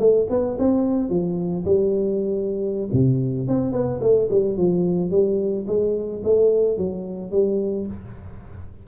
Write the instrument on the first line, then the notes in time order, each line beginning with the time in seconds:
tuba
0.00 A3
0.31 B3
0.59 C4
1.10 F3
1.65 G3
2.93 C3
3.49 C4
3.73 B3
4.01 A3
4.31 G3
4.57 F3
5.11 G3
5.68 G#3
6.24 A3
6.78 F#3
7.32 G3